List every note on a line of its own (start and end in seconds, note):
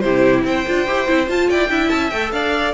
0.00 0.44 C3
0.00 0.66 E4
0.00 0.45 G4
0.00 0.42 C5
0.44 0.64 C4
0.44 1.49 C5
0.44 1.29 G5
0.66 0.87 D4
0.66 0.87 F4
0.87 1.08 E4
0.87 1.07 G4
1.07 1.29 C4
1.07 1.27 E4
1.27 1.68 F4
1.27 1.49 F4
1.27 1.50 A5
1.49 1.69 E4
1.49 1.69 D5
1.49 1.89 G5
1.69 1.90 D4
1.69 2.11 E4
1.69 2.32 E5
1.89 2.11 C#4
1.89 2.10 A5
2.10 2.32 A3
2.10 2.74 A4
2.10 2.31 G5
2.32 2.73 D4
2.32 2.74 D5
2.32 2.74 F5